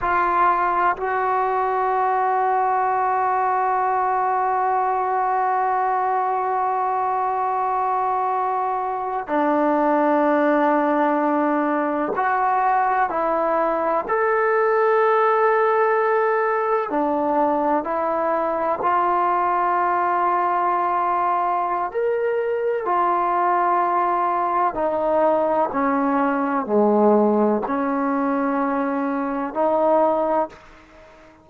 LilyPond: \new Staff \with { instrumentName = "trombone" } { \time 4/4 \tempo 4 = 63 f'4 fis'2.~ | fis'1~ | fis'4.~ fis'16 d'2~ d'16~ | d'8. fis'4 e'4 a'4~ a'16~ |
a'4.~ a'16 d'4 e'4 f'16~ | f'2. ais'4 | f'2 dis'4 cis'4 | gis4 cis'2 dis'4 | }